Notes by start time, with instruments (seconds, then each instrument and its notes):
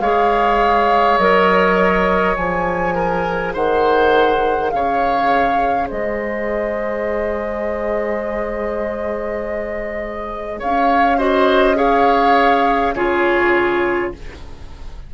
0.00 bassoon G#3, clarinet G#4, oboe C#5, flute F5
1.18 bassoon F#3, clarinet A#4, flute D#5
2.36 bassoon F3, clarinet G#4, flute G#5
2.95 oboe A#4
3.53 bassoon D#3, oboe C5, flute F#5
4.70 bassoon C#3, oboe C#5, flute F5
5.88 bassoon G#3, oboe C5, flute D#5
10.59 bassoon C#4, oboe C#5, flute F5
11.17 clarinet F#4, oboe C5, flute D#5
11.75 clarinet G#4, oboe C#5, flute F5
12.94 bassoon C#3, clarinet F4, oboe G#4, flute C#5